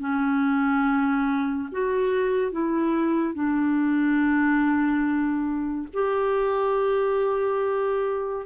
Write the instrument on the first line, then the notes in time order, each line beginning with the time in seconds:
clarinet
0.00 C#4
1.72 F#4
2.52 E4
3.34 D4
5.93 G4